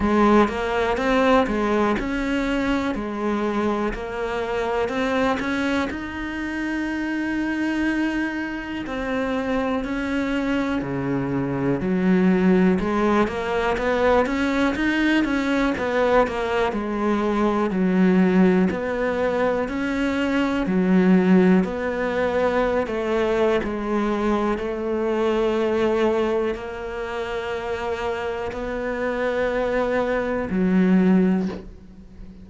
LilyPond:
\new Staff \with { instrumentName = "cello" } { \time 4/4 \tempo 4 = 61 gis8 ais8 c'8 gis8 cis'4 gis4 | ais4 c'8 cis'8 dis'2~ | dis'4 c'4 cis'4 cis4 | fis4 gis8 ais8 b8 cis'8 dis'8 cis'8 |
b8 ais8 gis4 fis4 b4 | cis'4 fis4 b4~ b16 a8. | gis4 a2 ais4~ | ais4 b2 fis4 | }